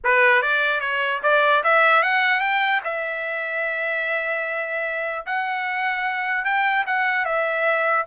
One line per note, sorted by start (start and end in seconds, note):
0.04 0.41 B4
0.41 0.80 D5
0.80 1.20 C#5
1.22 1.63 D5
1.63 2.02 E5
2.02 2.40 F#5
2.40 2.80 G5
2.84 5.25 E5
5.26 6.44 F#5
6.44 6.85 G5
6.86 7.25 F#5
7.25 8.05 E5